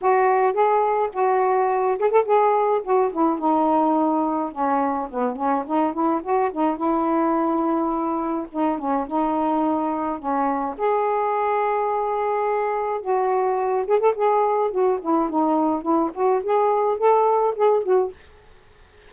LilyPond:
\new Staff \with { instrumentName = "saxophone" } { \time 4/4 \tempo 4 = 106 fis'4 gis'4 fis'4. gis'16 a'16 | gis'4 fis'8 e'8 dis'2 | cis'4 b8 cis'8 dis'8 e'8 fis'8 dis'8 | e'2. dis'8 cis'8 |
dis'2 cis'4 gis'4~ | gis'2. fis'4~ | fis'8 gis'16 a'16 gis'4 fis'8 e'8 dis'4 | e'8 fis'8 gis'4 a'4 gis'8 fis'8 | }